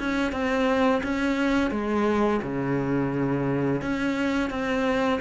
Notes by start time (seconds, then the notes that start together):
0.00 C#4
0.32 C4
1.04 C#4
1.71 G#3
2.43 C#3
3.82 C#4
4.50 C4